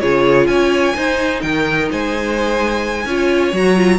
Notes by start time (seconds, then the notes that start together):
0.00 C#3 F4 G#4 C#5
0.47 C#4 C#5 G#5
0.95 D#4 C5
1.42 D#3 A#4 G5
1.91 G#3 C5 G#5
3.05 C#4 F4 C#5
3.52 F#3 F#4 A#5
3.76 F4